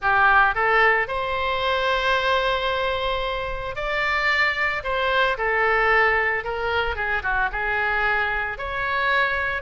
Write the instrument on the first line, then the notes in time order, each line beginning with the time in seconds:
oboe
0.01 G4
0.54 A4
1.07 C5
3.75 D5
4.83 C5
5.37 A4
6.44 A#4
6.95 G#4
7.22 F#4
7.52 G#4
8.58 C#5